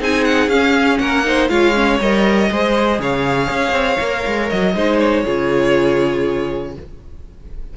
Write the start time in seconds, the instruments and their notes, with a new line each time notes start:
0.00 cello C4, viola D#4, violin G#4 G#5
0.24 violin F#5
0.48 cello C#4, viola C#4, violin F5
0.98 cello A#3, violin A#4 F#5
1.24 viola D#4, violin C5
1.48 cello G#3, viola F4, violin C#5 F5
1.74 viola C#4
2.00 cello G3, viola A#4, violin D#5
2.49 cello G#3, viola G#4, violin C5
2.99 cello C#3, violin C#5 F5
3.50 cello C#4
3.72 cello C4
4.00 cello A#3, viola A#4
4.26 cello G#3
4.50 cello F#3, violin D#5
4.75 cello G#3, viola D#4, violin C5
4.99 violin C#5
5.24 cello C#3, viola F4, violin G#4